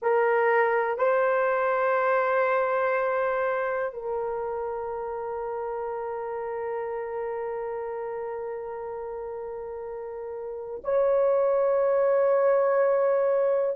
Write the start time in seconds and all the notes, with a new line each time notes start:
0.01 A#4
0.98 C5
3.93 A#4
10.84 C#5